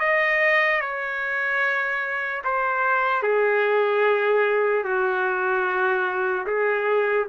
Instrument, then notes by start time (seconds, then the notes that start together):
trumpet
0.00 D#5
0.81 C#5
2.44 C5
3.23 G#4
4.84 F#4
6.47 G#4